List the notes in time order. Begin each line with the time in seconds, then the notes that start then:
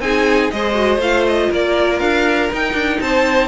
0.00 C4 D#4 G#4 G#5
0.51 G#3 G#4 C5 D#5
0.74 F#4
0.98 A3 F4 F5
1.27 D#5
1.50 A#3 A#4 D5
1.99 D4 F5
2.51 D#4 G5
2.74 D4
3.01 C4 C5 A5